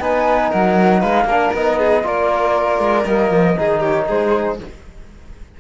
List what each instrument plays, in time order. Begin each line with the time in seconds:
0.00 cello B3, trombone D#4, violin B4, flute G#5
0.50 cello F#3, violin A#4, flute F#5
1.00 cello G#3, violin B4, flute F5
1.24 cello A#3, trombone D4, violin A#4
1.53 cello B3, trombone D#4, flute D#5
1.79 violin G#4
2.03 cello A#3, trombone F4, violin A#4, flute D5
2.79 cello G#3
3.06 cello G3, trombone A#3, flute D#5
3.31 cello F3
3.57 cello D#3, trombone D#4, violin G#4
3.80 violin G4, flute C#5
4.07 cello G#3, violin G#4, flute C5